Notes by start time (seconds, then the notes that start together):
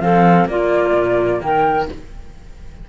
0.00 F3 C4 A4 F5
0.45 A#3 F4 D5
0.93 A#2
1.41 D#3 A#4 G5